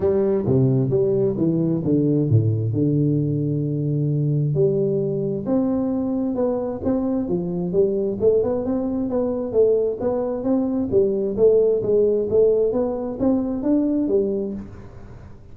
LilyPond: \new Staff \with { instrumentName = "tuba" } { \time 4/4 \tempo 4 = 132 g4 c4 g4 e4 | d4 a,4 d2~ | d2 g2 | c'2 b4 c'4 |
f4 g4 a8 b8 c'4 | b4 a4 b4 c'4 | g4 a4 gis4 a4 | b4 c'4 d'4 g4 | }